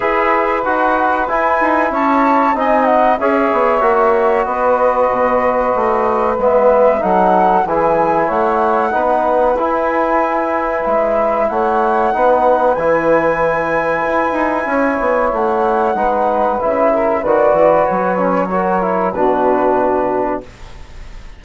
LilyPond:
<<
  \new Staff \with { instrumentName = "flute" } { \time 4/4 \tempo 4 = 94 e''4 fis''4 gis''4 a''4 | gis''8 fis''8 e''2 dis''4~ | dis''2 e''4 fis''4 | gis''4 fis''2 gis''4~ |
gis''4 e''4 fis''2 | gis''1 | fis''2 e''4 d''4 | cis''2 b'2 | }
  \new Staff \with { instrumentName = "saxophone" } { \time 4/4 b'2. cis''4 | dis''4 cis''2 b'4~ | b'2. a'4 | gis'4 cis''4 b'2~ |
b'2 cis''4 b'4~ | b'2. cis''4~ | cis''4 b'4. ais'8 b'4~ | b'4 ais'4 fis'2 | }
  \new Staff \with { instrumentName = "trombone" } { \time 4/4 gis'4 fis'4 e'2 | dis'4 gis'4 fis'2~ | fis'2 b4 dis'4 | e'2 dis'4 e'4~ |
e'2. dis'4 | e'1~ | e'4 dis'4 e'4 fis'4~ | fis'8 cis'8 fis'8 e'8 d'2 | }
  \new Staff \with { instrumentName = "bassoon" } { \time 4/4 e'4 dis'4 e'8 dis'8 cis'4 | c'4 cis'8 b8 ais4 b4 | b,4 a4 gis4 fis4 | e4 a4 b4 e'4~ |
e'4 gis4 a4 b4 | e2 e'8 dis'8 cis'8 b8 | a4 gis4 cis4 dis8 e8 | fis2 b,2 | }
>>